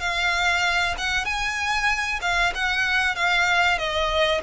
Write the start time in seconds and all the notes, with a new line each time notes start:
0.00 F5
0.97 F#5
1.25 G#5
2.21 F5
2.54 F#5
3.15 F5
3.78 D#5